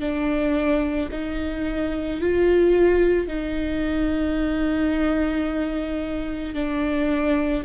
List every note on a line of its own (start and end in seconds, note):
0.00 1.09 D4
1.12 2.21 D#4
2.21 3.28 F4
3.28 6.55 D#4
6.55 7.64 D4